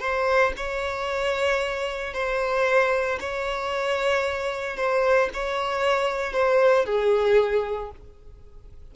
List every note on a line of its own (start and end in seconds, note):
0.00 0.53 C5
0.57 2.14 C#5
2.14 3.19 C5
3.20 4.77 C#5
4.77 5.29 C5
5.34 6.33 C#5
6.33 6.86 C5
6.86 7.91 G#4